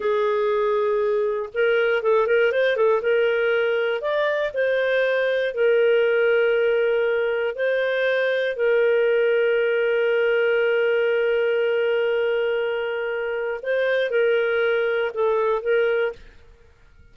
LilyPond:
\new Staff \with { instrumentName = "clarinet" } { \time 4/4 \tempo 4 = 119 gis'2. ais'4 | a'8 ais'8 c''8 a'8 ais'2 | d''4 c''2 ais'4~ | ais'2. c''4~ |
c''4 ais'2.~ | ais'1~ | ais'2. c''4 | ais'2 a'4 ais'4 | }